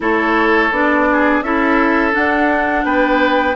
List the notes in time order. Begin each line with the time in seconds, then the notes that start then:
0.00 A3 E4 A4 C#5
0.71 B3 D4 D5
1.12 G#4
1.41 C#4 E4 A4 E5
2.11 D4 F#5
2.84 B3 B4 G5